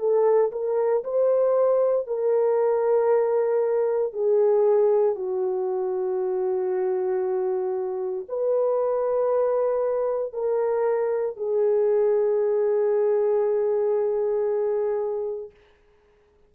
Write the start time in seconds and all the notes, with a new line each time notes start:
0.00 A4
0.52 A#4
1.04 C5
2.07 A#4
4.13 G#4
5.16 F#4
8.29 B4
10.34 A#4
11.37 G#4